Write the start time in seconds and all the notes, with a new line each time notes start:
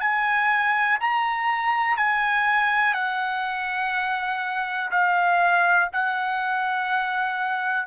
0.00 G#5
1.00 A#5
1.97 G#5
2.94 F#5
4.90 F5
5.92 F#5